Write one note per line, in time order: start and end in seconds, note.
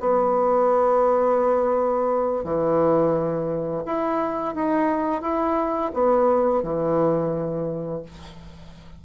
0.00 2.44 B3
2.44 3.83 E3
3.86 4.55 E4
4.55 5.22 D#4
5.22 5.91 E4
5.94 6.63 B3
6.63 8.03 E3